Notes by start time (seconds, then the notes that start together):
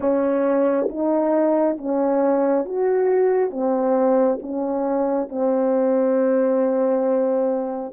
0.00 C#4
0.89 D#4
1.77 C#4
2.65 F#4
3.50 C4
4.42 C#4
5.29 C4